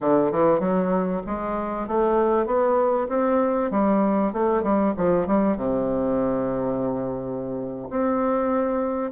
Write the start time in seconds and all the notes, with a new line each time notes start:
0.00 D3
0.31 E3
0.59 F#3
1.26 G#3
1.87 A3
2.45 B3
3.08 C4
3.71 G3
4.32 A3
4.63 G3
4.96 F3
5.26 G3
5.56 C3
7.90 C4